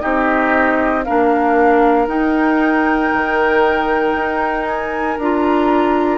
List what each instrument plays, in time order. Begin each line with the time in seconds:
0.00 bassoon C4, clarinet D#4, oboe G4, flute D#5
1.04 bassoon A#3, clarinet D4, oboe A#4, flute F5
2.08 bassoon D#4, clarinet D#4, flute G5
3.14 bassoon D#3
4.14 bassoon D#4
4.66 flute G#5
5.18 bassoon D4, clarinet F4, flute A#5